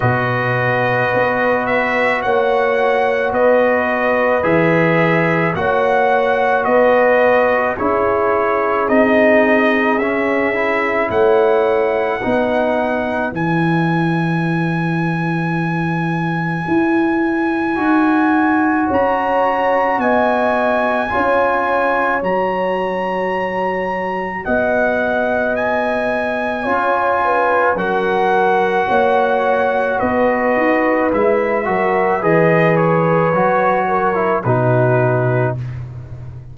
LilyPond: <<
  \new Staff \with { instrumentName = "trumpet" } { \time 4/4 \tempo 4 = 54 dis''4. e''8 fis''4 dis''4 | e''4 fis''4 dis''4 cis''4 | dis''4 e''4 fis''2 | gis''1~ |
gis''4 ais''4 gis''2 | ais''2 fis''4 gis''4~ | gis''4 fis''2 dis''4 | e''4 dis''8 cis''4. b'4 | }
  \new Staff \with { instrumentName = "horn" } { \time 4/4 b'2 cis''4 b'4~ | b'4 cis''4 b'4 gis'4~ | gis'2 cis''4 b'4~ | b'1~ |
b'4 cis''4 dis''4 cis''4~ | cis''2 dis''2 | cis''8 b'8 ais'4 cis''4 b'4~ | b'8 ais'8 b'4. ais'8 fis'4 | }
  \new Staff \with { instrumentName = "trombone" } { \time 4/4 fis'1 | gis'4 fis'2 e'4 | dis'4 cis'8 e'4. dis'4 | e'1 |
fis'2. f'4 | fis'1 | f'4 fis'2. | e'8 fis'8 gis'4 fis'8. e'16 dis'4 | }
  \new Staff \with { instrumentName = "tuba" } { \time 4/4 b,4 b4 ais4 b4 | e4 ais4 b4 cis'4 | c'4 cis'4 a4 b4 | e2. e'4 |
dis'4 cis'4 b4 cis'4 | fis2 b2 | cis'4 fis4 ais4 b8 dis'8 | gis8 fis8 e4 fis4 b,4 | }
>>